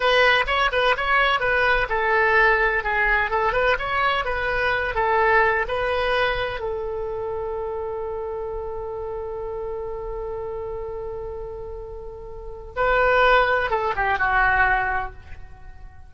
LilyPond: \new Staff \with { instrumentName = "oboe" } { \time 4/4 \tempo 4 = 127 b'4 cis''8 b'8 cis''4 b'4 | a'2 gis'4 a'8 b'8 | cis''4 b'4. a'4. | b'2 a'2~ |
a'1~ | a'1~ | a'2. b'4~ | b'4 a'8 g'8 fis'2 | }